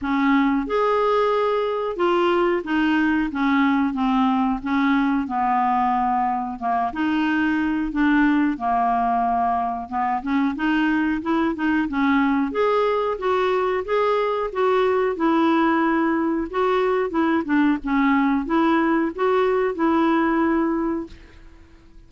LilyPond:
\new Staff \with { instrumentName = "clarinet" } { \time 4/4 \tempo 4 = 91 cis'4 gis'2 f'4 | dis'4 cis'4 c'4 cis'4 | b2 ais8 dis'4. | d'4 ais2 b8 cis'8 |
dis'4 e'8 dis'8 cis'4 gis'4 | fis'4 gis'4 fis'4 e'4~ | e'4 fis'4 e'8 d'8 cis'4 | e'4 fis'4 e'2 | }